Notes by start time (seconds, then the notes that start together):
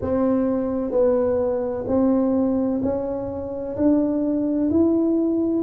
0.01 C4
0.91 B3
1.87 C4
2.82 C#4
3.76 D4
4.70 E4